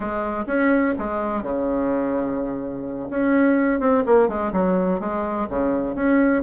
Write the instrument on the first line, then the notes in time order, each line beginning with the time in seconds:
bassoon
0.00 G#3
0.46 C#4
0.98 G#3
1.42 C#3
3.10 C#4
3.80 C4
4.06 A#3
4.28 G#3
4.52 F#3
5.00 G#3
5.49 C#3
5.95 C#4